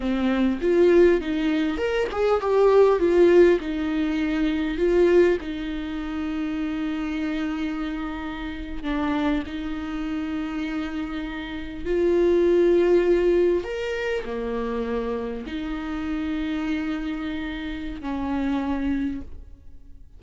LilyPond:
\new Staff \with { instrumentName = "viola" } { \time 4/4 \tempo 4 = 100 c'4 f'4 dis'4 ais'8 gis'8 | g'4 f'4 dis'2 | f'4 dis'2.~ | dis'2~ dis'8. d'4 dis'16~ |
dis'2.~ dis'8. f'16~ | f'2~ f'8. ais'4 ais16~ | ais4.~ ais16 dis'2~ dis'16~ | dis'2 cis'2 | }